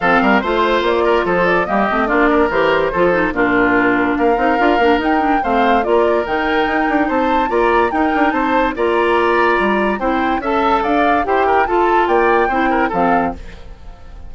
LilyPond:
<<
  \new Staff \with { instrumentName = "flute" } { \time 4/4 \tempo 4 = 144 f''4 c''4 d''4 c''8 d''8 | dis''4 d''4 c''2 | ais'2 f''2 | g''4 f''4 d''4 g''4~ |
g''4 a''4 ais''4 g''4 | a''4 ais''2. | g''4 a''4 f''4 g''4 | a''4 g''2 f''4 | }
  \new Staff \with { instrumentName = "oboe" } { \time 4/4 a'8 ais'8 c''4. ais'8 a'4 | g'4 f'8 ais'4. a'4 | f'2 ais'2~ | ais'4 c''4 ais'2~ |
ais'4 c''4 d''4 ais'4 | c''4 d''2. | c''4 e''4 d''4 c''8 ais'8 | a'4 d''4 c''8 ais'8 a'4 | }
  \new Staff \with { instrumentName = "clarinet" } { \time 4/4 c'4 f'2. | ais8 c'8 d'4 g'4 f'8 dis'8 | d'2~ d'8 dis'8 f'8 d'8 | dis'8 d'8 c'4 f'4 dis'4~ |
dis'2 f'4 dis'4~ | dis'4 f'2. | e'4 a'2 g'4 | f'2 e'4 c'4 | }
  \new Staff \with { instrumentName = "bassoon" } { \time 4/4 f8 g8 a4 ais4 f4 | g8 a8 ais4 e4 f4 | ais,2 ais8 c'8 d'8 ais8 | dis'4 a4 ais4 dis4 |
dis'8 d'8 c'4 ais4 dis'8 d'8 | c'4 ais2 g4 | c'4 cis'4 d'4 e'4 | f'4 ais4 c'4 f4 | }
>>